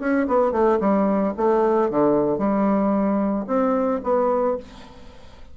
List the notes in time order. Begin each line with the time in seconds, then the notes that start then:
0.00 C#4
0.28 B3
0.52 A3
0.80 G3
1.37 A3
1.90 D3
2.38 G3
3.47 C4
4.03 B3